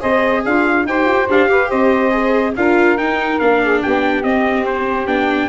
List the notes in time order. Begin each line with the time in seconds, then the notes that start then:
0.00 C4 G#4 C5 D#5
0.44 D4 F4 F5
0.85 D#4 G4 C5 G5
1.05 F4
1.29 D4 G4 F5
1.48 G4 B4
1.68 C4 C5 D#5
2.10 G#4
2.56 D4 F4 A#4 F5
2.97 D#4 G5
3.38 A#3 D4 F5
3.62 G#4
3.81 B3 G4 G5
4.23 C4 D#5
4.65 C5
5.06 B3 D4 G5